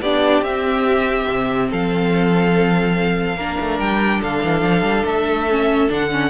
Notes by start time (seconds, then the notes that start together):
0.00 B3 D4 G4 D5
0.41 C4 E5
1.29 C3
1.70 F3 A4 F5
3.36 A#3 D4 A#4
3.60 A3
3.79 G3 G5
4.19 D3 A4 F5
4.44 E3
4.61 F3
4.82 G3
5.05 A3 E5
5.50 C#4
5.89 D3 D4 F#5
6.10 C#4